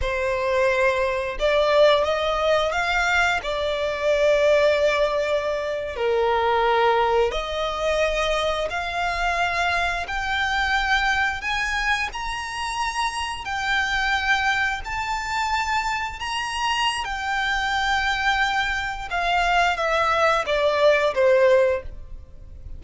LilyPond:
\new Staff \with { instrumentName = "violin" } { \time 4/4 \tempo 4 = 88 c''2 d''4 dis''4 | f''4 d''2.~ | d''8. ais'2 dis''4~ dis''16~ | dis''8. f''2 g''4~ g''16~ |
g''8. gis''4 ais''2 g''16~ | g''4.~ g''16 a''2 ais''16~ | ais''4 g''2. | f''4 e''4 d''4 c''4 | }